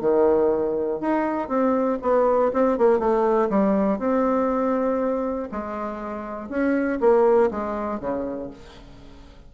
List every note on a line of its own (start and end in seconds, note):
0.00 1.00 D#3
1.00 1.48 D#4
1.48 1.98 C4
2.01 2.51 B3
2.53 2.78 C4
2.78 2.99 A#3
2.99 3.49 A3
3.49 3.98 G3
3.98 5.48 C4
5.51 6.49 G#3
6.49 6.99 C#4
7.00 7.50 A#3
7.50 8.00 G#3
8.00 8.50 C#3